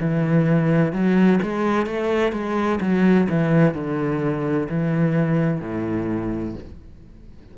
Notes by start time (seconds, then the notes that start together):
0.00 E3
0.92 F#3
1.42 G#3
1.86 A3
2.32 G#3
2.80 F#3
3.29 E3
3.74 D3
4.69 E3
5.60 A2